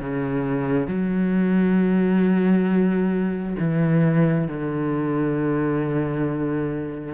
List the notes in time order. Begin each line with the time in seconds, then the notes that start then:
0.00 C#3
0.87 F#3
3.59 E3
4.48 D3